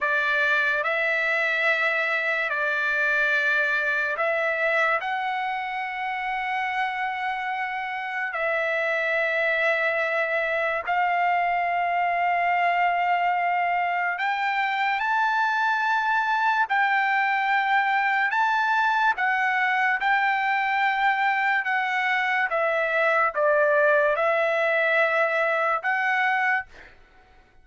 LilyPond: \new Staff \with { instrumentName = "trumpet" } { \time 4/4 \tempo 4 = 72 d''4 e''2 d''4~ | d''4 e''4 fis''2~ | fis''2 e''2~ | e''4 f''2.~ |
f''4 g''4 a''2 | g''2 a''4 fis''4 | g''2 fis''4 e''4 | d''4 e''2 fis''4 | }